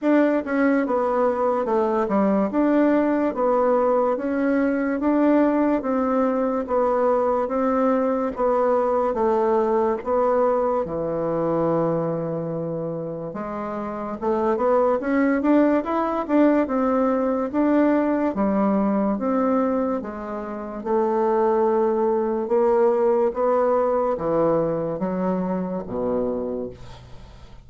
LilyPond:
\new Staff \with { instrumentName = "bassoon" } { \time 4/4 \tempo 4 = 72 d'8 cis'8 b4 a8 g8 d'4 | b4 cis'4 d'4 c'4 | b4 c'4 b4 a4 | b4 e2. |
gis4 a8 b8 cis'8 d'8 e'8 d'8 | c'4 d'4 g4 c'4 | gis4 a2 ais4 | b4 e4 fis4 b,4 | }